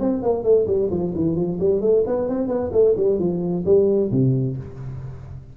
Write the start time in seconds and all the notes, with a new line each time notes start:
0.00 C4
0.23 A#3
0.44 A3
0.67 G3
0.91 F3
1.15 E3
1.36 F3
1.60 G3
1.81 A3
2.07 B3
2.29 C4
2.48 B3
2.73 A3
2.97 G3
3.19 F3
3.66 G3
4.12 C3